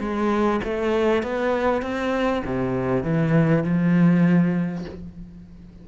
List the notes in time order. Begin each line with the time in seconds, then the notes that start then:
0.00 G#3
0.64 A3
1.23 B3
1.82 C4
2.45 C3
3.04 E3
3.64 F3